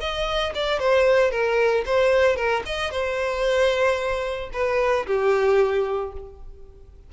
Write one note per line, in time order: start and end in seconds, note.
0.00 0.53 D#5
0.55 0.79 D5
0.79 1.31 C5
1.31 1.84 A#4
1.86 2.37 C5
2.37 2.63 A#4
2.66 2.91 D#5
2.91 4.50 C5
4.53 5.06 B4
5.07 6.13 G4